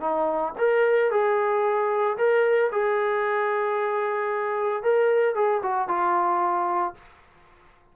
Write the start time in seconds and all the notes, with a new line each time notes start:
0.00 D#4
0.58 A#4
1.11 G#4
2.17 A#4
2.72 G#4
4.83 A#4
5.35 G#4
5.62 F#4
5.88 F4